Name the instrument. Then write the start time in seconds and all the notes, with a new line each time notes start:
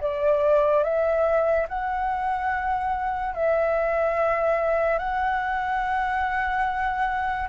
flute
0.00 D5
0.83 E5
1.68 F#5
3.34 E5
4.98 F#5